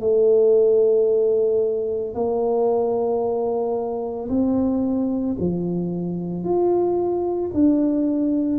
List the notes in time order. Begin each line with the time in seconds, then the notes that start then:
0.00 A3
2.14 A#3
4.29 C4
5.39 F3
6.44 F4
7.54 D4